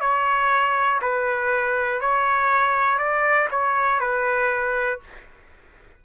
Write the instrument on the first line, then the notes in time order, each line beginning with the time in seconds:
trumpet
0.00 C#5
1.01 B4
2.00 C#5
2.98 D5
3.50 C#5
4.00 B4